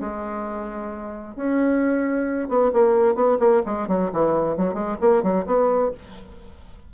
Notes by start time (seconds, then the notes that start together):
0.00 G#3
1.36 C#4
2.49 B3
2.73 A#3
3.15 B3
3.39 A#3
3.66 G#3
3.88 F#3
4.13 E3
4.57 F#3
4.74 G#3
5.01 A#3
5.23 F#3
5.46 B3